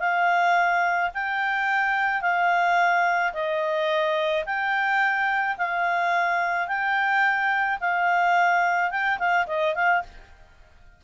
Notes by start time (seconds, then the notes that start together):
0.00 F5
1.14 G5
2.22 F5
3.34 D#5
4.46 G5
5.58 F5
6.68 G5
7.81 F5
8.91 G5
9.19 F5
9.47 D#5
9.75 F5